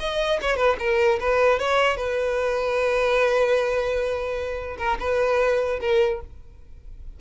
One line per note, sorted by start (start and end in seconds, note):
0.00 0.40 D#5
0.42 0.57 C#5
0.57 0.77 B4
0.80 1.20 A#4
1.20 1.60 B4
1.60 1.97 C#5
1.97 4.77 B4
4.78 4.98 A#4
5.00 5.80 B4
5.81 6.21 A#4